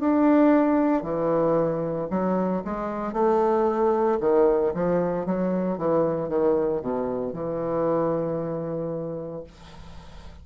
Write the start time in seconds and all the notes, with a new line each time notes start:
0.00 D4
1.03 E3
2.10 F#3
2.65 G#3
3.13 A3
4.21 D#3
4.74 F3
5.26 F#3
5.78 E3
6.29 D#3
6.81 B2
7.33 E3